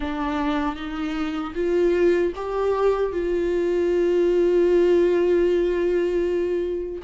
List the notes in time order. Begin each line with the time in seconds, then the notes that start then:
0.00 D4
0.75 D#4
1.54 F4
2.35 G4
3.12 F4